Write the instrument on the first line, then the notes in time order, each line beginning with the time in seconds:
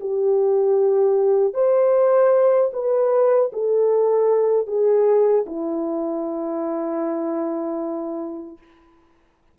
horn
0.00 G4
1.54 C5
2.73 B4
3.52 A4
4.67 G#4
5.46 E4